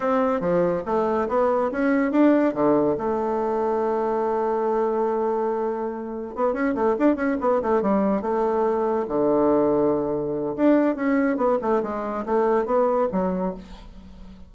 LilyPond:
\new Staff \with { instrumentName = "bassoon" } { \time 4/4 \tempo 4 = 142 c'4 f4 a4 b4 | cis'4 d'4 d4 a4~ | a1~ | a2. b8 cis'8 |
a8 d'8 cis'8 b8 a8 g4 a8~ | a4. d2~ d8~ | d4 d'4 cis'4 b8 a8 | gis4 a4 b4 fis4 | }